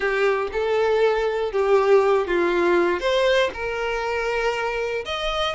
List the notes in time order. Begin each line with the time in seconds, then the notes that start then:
0.00 G4
0.52 A4
1.52 G4
2.27 F4
3.00 C5
3.53 A#4
5.05 D#5